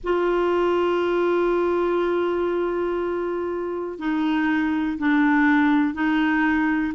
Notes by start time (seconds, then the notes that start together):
0.03 F4
3.98 D#4
4.98 D4
5.94 D#4